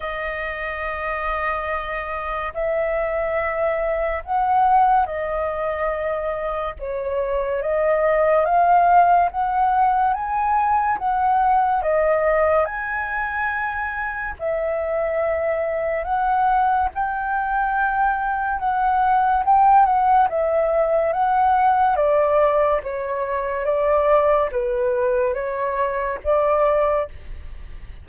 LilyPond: \new Staff \with { instrumentName = "flute" } { \time 4/4 \tempo 4 = 71 dis''2. e''4~ | e''4 fis''4 dis''2 | cis''4 dis''4 f''4 fis''4 | gis''4 fis''4 dis''4 gis''4~ |
gis''4 e''2 fis''4 | g''2 fis''4 g''8 fis''8 | e''4 fis''4 d''4 cis''4 | d''4 b'4 cis''4 d''4 | }